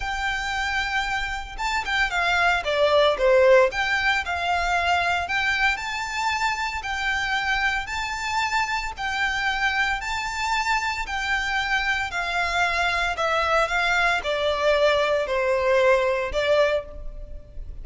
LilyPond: \new Staff \with { instrumentName = "violin" } { \time 4/4 \tempo 4 = 114 g''2. a''8 g''8 | f''4 d''4 c''4 g''4 | f''2 g''4 a''4~ | a''4 g''2 a''4~ |
a''4 g''2 a''4~ | a''4 g''2 f''4~ | f''4 e''4 f''4 d''4~ | d''4 c''2 d''4 | }